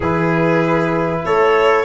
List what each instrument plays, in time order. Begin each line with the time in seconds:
0.00 tuba E3, trombone E4, trumpet G#4, violin B4
1.24 tuba A3, trumpet A4, violin C#5